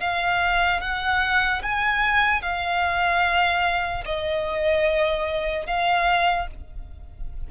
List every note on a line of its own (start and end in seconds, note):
0.00 0.81 F5
0.81 1.62 F#5
1.63 2.42 G#5
2.42 4.04 F5
4.05 5.66 D#5
5.66 6.47 F5